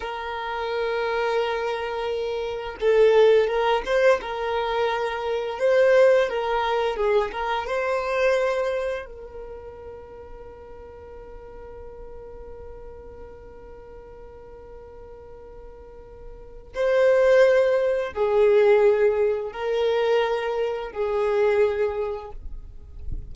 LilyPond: \new Staff \with { instrumentName = "violin" } { \time 4/4 \tempo 4 = 86 ais'1 | a'4 ais'8 c''8 ais'2 | c''4 ais'4 gis'8 ais'8 c''4~ | c''4 ais'2.~ |
ais'1~ | ais'1 | c''2 gis'2 | ais'2 gis'2 | }